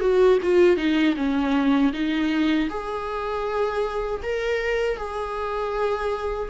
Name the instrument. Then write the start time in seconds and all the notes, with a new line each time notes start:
viola
0.00 F#4
0.42 F4
0.77 D#4
1.16 C#4
1.93 D#4
2.69 G#4
4.23 A#4
4.97 G#4